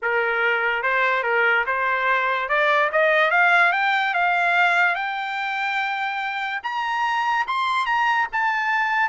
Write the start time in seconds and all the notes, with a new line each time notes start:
0.02 A#4
0.82 C5
1.23 A#4
1.66 C5
2.48 D5
2.92 D#5
3.30 F5
3.72 G5
4.14 F5
4.95 G5
6.63 A#5
7.47 C6
7.85 A#5
8.32 A5